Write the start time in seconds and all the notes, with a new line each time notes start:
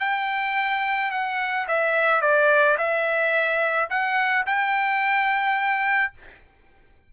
0.00 G5
1.11 F#5
1.68 E5
2.21 D5
2.78 E5
3.90 F#5
4.46 G5